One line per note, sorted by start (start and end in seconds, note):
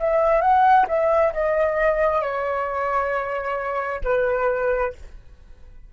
0.00 0.42 E5
0.42 0.86 F#5
0.88 1.33 E5
1.34 2.22 D#5
2.22 4.01 C#5
4.04 4.94 B4